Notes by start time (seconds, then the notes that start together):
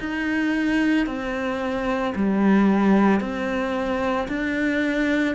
0.00 D#4
1.07 C4
2.15 G3
3.20 C4
4.28 D4